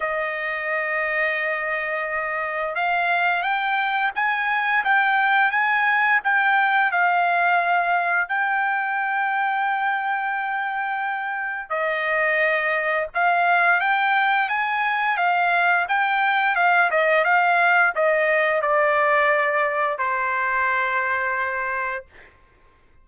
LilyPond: \new Staff \with { instrumentName = "trumpet" } { \time 4/4 \tempo 4 = 87 dis''1 | f''4 g''4 gis''4 g''4 | gis''4 g''4 f''2 | g''1~ |
g''4 dis''2 f''4 | g''4 gis''4 f''4 g''4 | f''8 dis''8 f''4 dis''4 d''4~ | d''4 c''2. | }